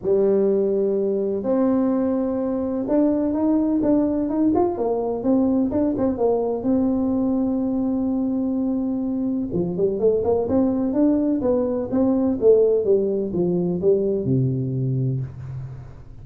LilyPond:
\new Staff \with { instrumentName = "tuba" } { \time 4/4 \tempo 4 = 126 g2. c'4~ | c'2 d'4 dis'4 | d'4 dis'8 f'8 ais4 c'4 | d'8 c'8 ais4 c'2~ |
c'1 | f8 g8 a8 ais8 c'4 d'4 | b4 c'4 a4 g4 | f4 g4 c2 | }